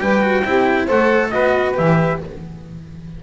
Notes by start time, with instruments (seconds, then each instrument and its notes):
0.00 double bass G3, cello G4, saxophone B4, trumpet G5
0.22 cello F#4
0.45 double bass C4, cello E4, saxophone G4
0.86 double bass A3, cello A4, saxophone C5, trumpet F#5
1.31 double bass B3, cello F#4, saxophone B4, trumpet D#5
1.75 double bass E3, cello G4, trumpet E5